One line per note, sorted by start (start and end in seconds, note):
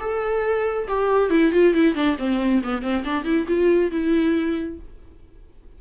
0.00 0.88 A4
0.88 1.30 G4
1.30 1.52 E4
1.52 1.74 F4
1.74 1.95 E4
1.95 2.17 D4
2.18 2.62 C4
2.63 2.82 B3
2.82 3.04 C4
3.04 3.24 D4
3.24 3.46 E4
3.48 3.91 F4
3.91 4.79 E4